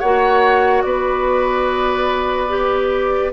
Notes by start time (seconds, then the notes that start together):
0.00 A#3 F#4 C#5 F#5
0.83 B3 B4 D5
2.49 G4